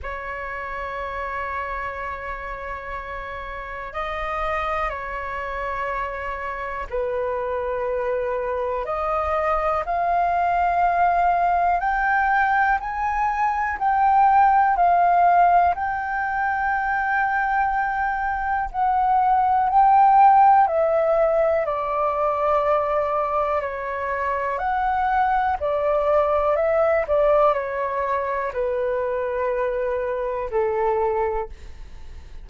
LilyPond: \new Staff \with { instrumentName = "flute" } { \time 4/4 \tempo 4 = 61 cis''1 | dis''4 cis''2 b'4~ | b'4 dis''4 f''2 | g''4 gis''4 g''4 f''4 |
g''2. fis''4 | g''4 e''4 d''2 | cis''4 fis''4 d''4 e''8 d''8 | cis''4 b'2 a'4 | }